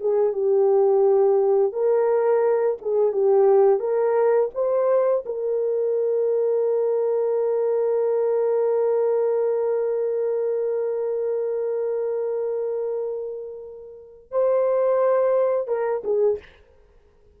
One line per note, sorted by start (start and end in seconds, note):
0.00 0.32 G#4
0.32 1.72 G4
1.72 2.77 A#4
2.81 3.12 G#4
3.12 3.79 G4
3.79 4.49 A#4
4.54 5.24 C5
5.25 14.31 A#4
14.31 15.67 C5
15.67 16.02 A#4
16.04 16.39 G#4